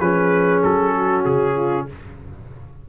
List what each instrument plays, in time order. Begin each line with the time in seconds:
0.00 tuba F3, trombone C#4, horn G#4, trumpet B4
0.63 tuba F#3, trumpet A4
0.94 horn F#4
1.25 tuba C#3, trumpet G#4
1.56 horn F4